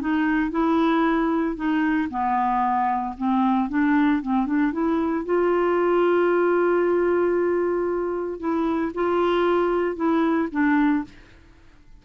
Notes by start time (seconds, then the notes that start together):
0.00 D#4
0.51 E4
1.56 D#4
2.10 B3
3.17 C4
3.69 D4
4.22 C4
4.46 D4
4.72 E4
5.25 F4
8.39 E4
8.94 F4
9.95 E4
10.51 D4